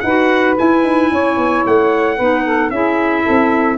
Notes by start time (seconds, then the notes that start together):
0.00 D#4 B4 F#5
0.06 F#4
0.56 E4 G#5
0.83 D#4
1.11 C#4 C#5
1.36 B3
1.66 A3 F#5
2.16 B3 D#4 B4
2.44 A4
2.70 C#4 E4 G#4 E5
3.22 C4 A4